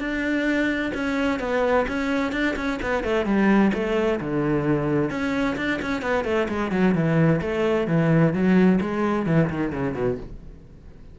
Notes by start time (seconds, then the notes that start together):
0.00 D4
0.95 C#4
1.40 B3
1.88 C#4
2.33 D4
2.57 C#4
2.83 B3
3.04 A3
3.26 G3
3.74 A3
4.21 D3
5.11 C#4
5.57 D4
5.82 C#4
6.02 B3
6.25 A3
6.49 G#3
6.72 F#3
6.95 E3
7.42 A3
7.88 E3
8.34 F#3
8.81 G#3
9.27 E3
9.50 D#3
9.73 C#3
9.95 B2